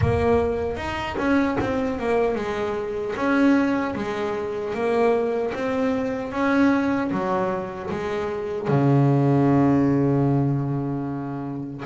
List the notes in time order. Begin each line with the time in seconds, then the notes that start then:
0.01 A#3
0.76 D#4
1.17 C#4
1.60 C4
1.99 A#3
2.35 G#3
3.16 C#4
3.95 G#3
4.74 A#3
5.54 C4
6.32 C#4
7.11 F#3
7.90 G#3
8.67 C#3